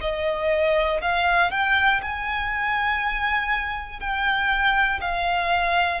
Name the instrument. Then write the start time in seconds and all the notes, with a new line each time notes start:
violin
0.00 D#5
1.00 F5
1.50 G5
2.02 G#5
4.00 G5
5.00 F5